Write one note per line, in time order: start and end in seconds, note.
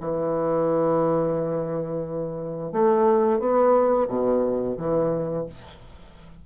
0.00 2.72 E3
2.72 3.39 A3
3.39 4.07 B3
4.08 4.76 B2
4.77 5.45 E3